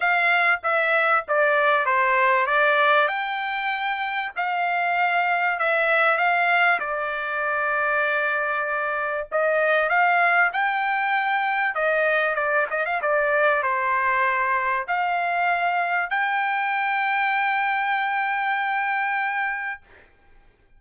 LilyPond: \new Staff \with { instrumentName = "trumpet" } { \time 4/4 \tempo 4 = 97 f''4 e''4 d''4 c''4 | d''4 g''2 f''4~ | f''4 e''4 f''4 d''4~ | d''2. dis''4 |
f''4 g''2 dis''4 | d''8 dis''16 f''16 d''4 c''2 | f''2 g''2~ | g''1 | }